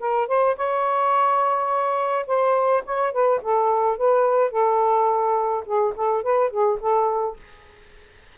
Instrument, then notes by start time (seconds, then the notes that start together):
saxophone
0.00 A#4
0.28 C5
0.57 C#5
2.27 C5
2.86 C#5
3.13 B4
3.42 A4
3.98 B4
4.51 A4
5.66 G#4
5.96 A4
6.23 B4
6.51 G#4
6.80 A4